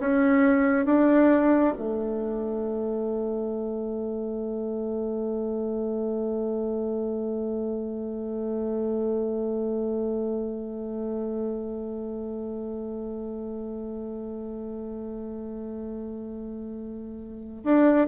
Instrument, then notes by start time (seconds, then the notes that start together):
bassoon
0.00 C#4
0.86 D4
1.78 A3
17.64 D4